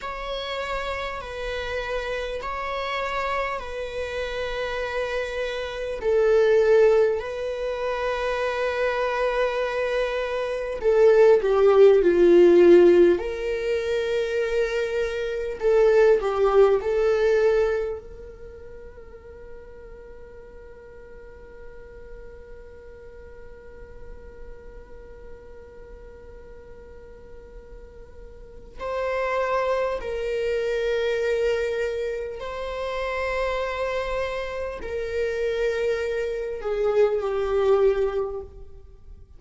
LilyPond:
\new Staff \with { instrumentName = "viola" } { \time 4/4 \tempo 4 = 50 cis''4 b'4 cis''4 b'4~ | b'4 a'4 b'2~ | b'4 a'8 g'8 f'4 ais'4~ | ais'4 a'8 g'8 a'4 ais'4~ |
ais'1~ | ais'1 | c''4 ais'2 c''4~ | c''4 ais'4. gis'8 g'4 | }